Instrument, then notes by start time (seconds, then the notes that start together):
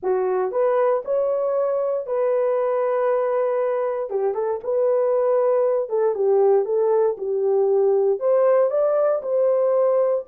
horn
0.02 F#4
0.51 B4
1.05 C#5
2.06 B4
4.09 G4
4.34 A4
4.63 B4
5.89 A4
6.14 G4
6.65 A4
7.17 G4
8.19 C5
8.70 D5
9.22 C5